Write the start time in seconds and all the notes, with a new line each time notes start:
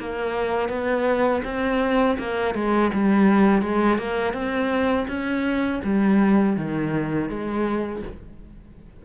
0.00 A#3
0.69 B3
1.44 C4
2.19 A#3
2.54 G#3
2.93 G3
3.62 G#3
3.98 A#3
4.33 C4
5.08 C#4
5.84 G3
6.57 D#3
7.29 G#3